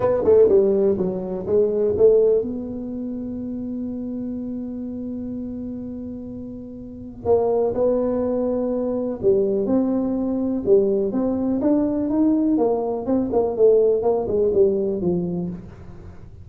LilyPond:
\new Staff \with { instrumentName = "tuba" } { \time 4/4 \tempo 4 = 124 b8 a8 g4 fis4 gis4 | a4 b2.~ | b1~ | b2. ais4 |
b2. g4 | c'2 g4 c'4 | d'4 dis'4 ais4 c'8 ais8 | a4 ais8 gis8 g4 f4 | }